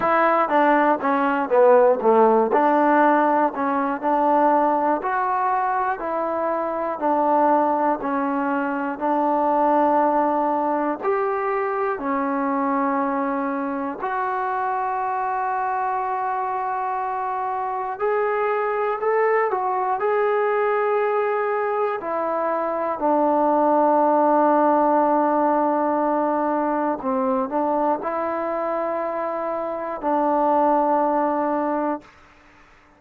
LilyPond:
\new Staff \with { instrumentName = "trombone" } { \time 4/4 \tempo 4 = 60 e'8 d'8 cis'8 b8 a8 d'4 cis'8 | d'4 fis'4 e'4 d'4 | cis'4 d'2 g'4 | cis'2 fis'2~ |
fis'2 gis'4 a'8 fis'8 | gis'2 e'4 d'4~ | d'2. c'8 d'8 | e'2 d'2 | }